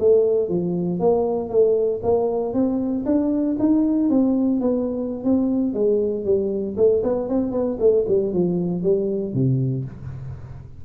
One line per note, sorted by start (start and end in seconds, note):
0.00 0.49 A3
0.49 1.00 F3
1.00 1.50 A#3
1.50 2.01 A3
2.03 2.54 A#3
2.54 3.05 C4
3.06 3.57 D4
3.60 4.10 D#4
4.10 4.61 C4
4.61 5.24 B3
5.24 5.74 C4
5.74 6.25 G#3
6.25 6.76 G3
6.77 7.03 A3
7.03 7.29 B3
7.29 7.52 C4
7.52 7.77 B3
7.80 8.06 A3
8.08 8.33 G3
8.33 8.83 F3
8.83 9.34 G3
9.34 9.85 C3